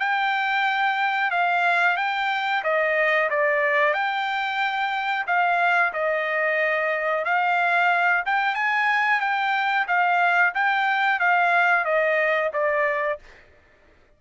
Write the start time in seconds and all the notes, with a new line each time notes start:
0.00 G5
1.31 F5
1.97 G5
2.64 D#5
3.30 D5
3.94 G5
5.27 F5
5.93 D#5
7.25 F5
8.26 G5
8.55 G#5
9.21 G5
9.88 F5
10.55 G5
11.20 F5
11.85 D#5
12.54 D5